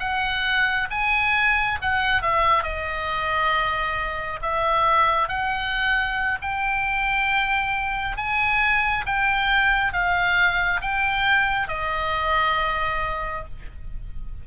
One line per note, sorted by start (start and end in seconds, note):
0.00 0.88 F#5
0.91 1.79 G#5
1.82 2.23 F#5
2.23 2.64 E5
2.64 4.40 D#5
4.42 5.29 E5
5.29 6.39 F#5
6.42 8.17 G5
8.17 9.06 G#5
9.06 9.93 G5
9.93 10.81 F5
10.82 11.69 G5
11.69 13.45 D#5